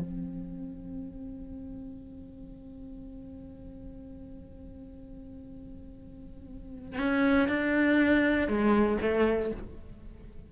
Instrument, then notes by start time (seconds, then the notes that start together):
cello
0.00 C4
6.99 C#4
7.48 D4
8.48 G#3
9.02 A3